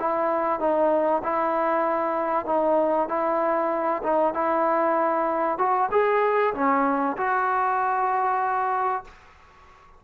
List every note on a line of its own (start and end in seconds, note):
0.00 0.60 E4
0.60 1.22 D#4
1.23 2.46 E4
2.46 3.09 D#4
3.09 4.02 E4
4.03 4.34 D#4
4.34 5.58 E4
5.58 5.89 F#4
5.91 6.54 G#4
6.54 7.16 C#4
7.17 9.04 F#4